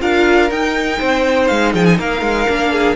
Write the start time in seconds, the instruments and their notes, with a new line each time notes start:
0.00 cello D4, viola F4, violin A#4 F5
0.50 cello D#4, viola D#4, violin G5
0.99 cello C4, violin C5
1.47 cello G#3, violin F5
1.72 cello F3, violin G#4 G5
1.85 violin G#5
1.98 cello A#3, violin A#4 F5
2.21 cello G#3
2.48 cello A#3, viola D4
2.72 violin G#4